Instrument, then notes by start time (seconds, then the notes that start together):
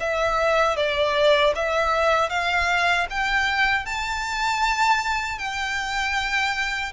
violin
0.00 E5
0.77 D5
1.55 E5
2.30 F5
3.10 G5
3.85 A5
5.38 G5